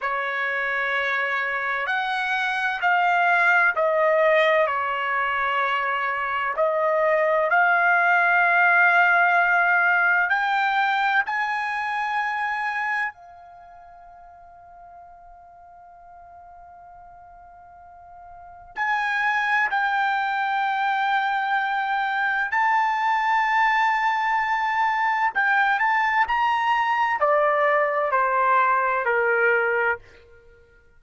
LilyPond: \new Staff \with { instrumentName = "trumpet" } { \time 4/4 \tempo 4 = 64 cis''2 fis''4 f''4 | dis''4 cis''2 dis''4 | f''2. g''4 | gis''2 f''2~ |
f''1 | gis''4 g''2. | a''2. g''8 a''8 | ais''4 d''4 c''4 ais'4 | }